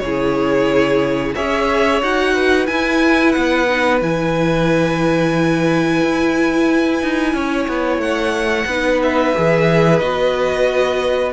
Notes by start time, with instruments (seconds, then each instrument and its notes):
0.00 cello C#3, viola E4, violin G#4 C#5
1.36 cello C#4, viola G#4, violin C#5 E5
2.02 cello D#4, viola F#4, violin F#5
2.34 violin B4
2.67 viola E4, cello E4, violin G#5
3.32 cello B3, violin F#5
3.69 viola D#4
4.02 cello E3, viola E4, violin G#5
6.03 cello E4
7.03 cello D#4
7.34 cello C#4, violin C#5
7.68 cello B3
7.98 cello A3, violin F#5
8.67 cello B3, viola D#4, violin B4
9.03 violin E5
9.35 cello E3, viola G#4
9.99 cello B3, viola F#4, violin D#5